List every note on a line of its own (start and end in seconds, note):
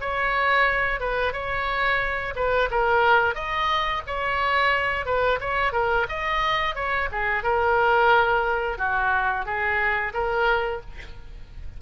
0.00 1.00 C#5
1.00 1.33 B4
1.33 2.34 C#5
2.35 2.69 B4
2.71 3.35 A#4
3.35 4.02 D#5
4.07 5.05 C#5
5.05 5.39 B4
5.40 5.72 C#5
5.72 6.06 A#4
6.09 6.75 D#5
6.75 7.09 C#5
7.11 7.43 G#4
7.43 8.78 A#4
8.78 9.45 F#4
9.45 10.13 G#4
10.13 10.81 A#4